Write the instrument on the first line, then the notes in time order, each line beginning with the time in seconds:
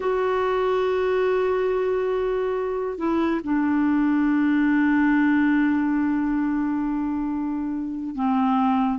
clarinet
0.00 F#4
2.98 E4
3.43 D4
8.15 C4